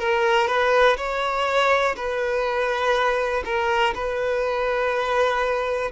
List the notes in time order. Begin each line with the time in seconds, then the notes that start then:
0.00 A#4
0.48 B4
0.97 C#5
1.97 B4
3.45 A#4
3.95 B4